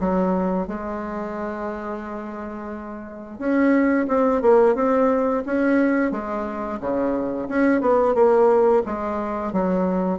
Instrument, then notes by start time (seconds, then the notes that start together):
bassoon
0.00 F#3
0.67 G#3
3.38 C#4
4.08 C4
4.42 A#3
4.75 C4
5.46 C#4
6.11 G#3
6.80 C#3
7.49 C#4
7.81 B3
8.14 A#3
8.86 G#3
9.53 F#3